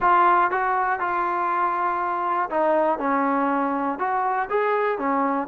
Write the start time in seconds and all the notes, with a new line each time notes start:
0.00 F4
0.50 F#4
0.99 F4
2.50 D#4
2.98 C#4
3.98 F#4
4.49 G#4
4.98 C#4